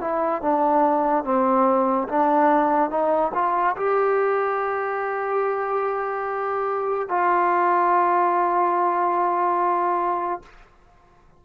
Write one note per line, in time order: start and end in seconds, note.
0.00 0.41 E4
0.41 1.24 D4
1.24 2.07 C4
2.08 2.90 D4
2.90 3.31 D#4
3.34 3.75 F4
3.76 7.08 G4
7.08 10.42 F4